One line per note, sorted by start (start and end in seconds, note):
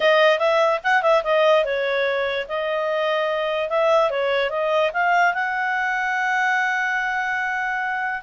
0.00 0.38 D#5
0.38 0.80 E5
0.83 1.02 F#5
1.02 1.23 E5
1.23 1.64 D#5
1.64 2.46 C#5
2.48 3.69 D#5
3.69 4.10 E5
4.10 4.50 C#5
4.50 4.91 D#5
4.93 5.33 F5
5.33 8.21 F#5